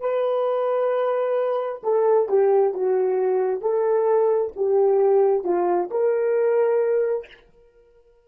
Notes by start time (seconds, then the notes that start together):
0.00 B4
1.83 A4
2.29 G4
2.74 F#4
3.61 A4
4.56 G4
5.44 F4
5.90 A#4